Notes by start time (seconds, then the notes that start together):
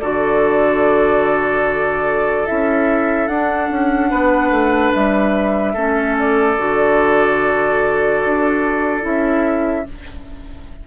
0.00 D3 F#4 A4 D5
2.47 C#4 E4 E5
3.28 D4 F#5
3.71 C#4
4.10 B3 B4
4.51 A3
4.93 G3 E5
5.74 A3 C#4 A4
6.18 D5
6.58 D3 F#4
8.25 D4
9.02 C#4 E4 E5